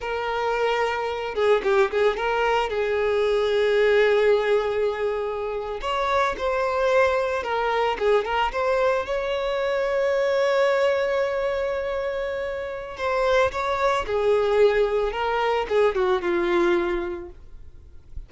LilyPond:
\new Staff \with { instrumentName = "violin" } { \time 4/4 \tempo 4 = 111 ais'2~ ais'8 gis'8 g'8 gis'8 | ais'4 gis'2.~ | gis'2~ gis'8. cis''4 c''16~ | c''4.~ c''16 ais'4 gis'8 ais'8 c''16~ |
c''8. cis''2.~ cis''16~ | cis''1 | c''4 cis''4 gis'2 | ais'4 gis'8 fis'8 f'2 | }